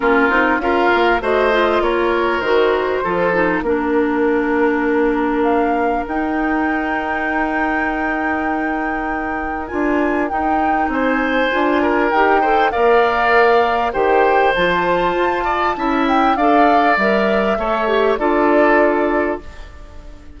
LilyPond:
<<
  \new Staff \with { instrumentName = "flute" } { \time 4/4 \tempo 4 = 99 ais'4 f''4 dis''4 cis''4 | c''2 ais'2~ | ais'4 f''4 g''2~ | g''1 |
gis''4 g''4 gis''2 | g''4 f''2 g''4 | a''2~ a''8 g''8 f''4 | e''2 d''2 | }
  \new Staff \with { instrumentName = "oboe" } { \time 4/4 f'4 ais'4 c''4 ais'4~ | ais'4 a'4 ais'2~ | ais'1~ | ais'1~ |
ais'2 c''4. ais'8~ | ais'8 c''8 d''2 c''4~ | c''4. d''8 e''4 d''4~ | d''4 cis''4 a'2 | }
  \new Staff \with { instrumentName = "clarinet" } { \time 4/4 cis'8 dis'8 f'4 fis'8 f'4. | fis'4 f'8 dis'8 d'2~ | d'2 dis'2~ | dis'1 |
f'4 dis'2 f'4 | g'8 a'8 ais'2 g'4 | f'2 e'4 a'4 | ais'4 a'8 g'8 f'2 | }
  \new Staff \with { instrumentName = "bassoon" } { \time 4/4 ais8 c'8 cis'8 ais8 a4 ais4 | dis4 f4 ais2~ | ais2 dis'2~ | dis'1 |
d'4 dis'4 c'4 d'4 | dis'4 ais2 dis4 | f4 f'4 cis'4 d'4 | g4 a4 d'2 | }
>>